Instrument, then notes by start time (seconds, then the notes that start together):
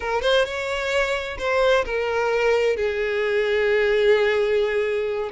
violin
0.00 A#4
0.22 C5
0.45 C#5
1.38 C5
1.85 A#4
2.76 G#4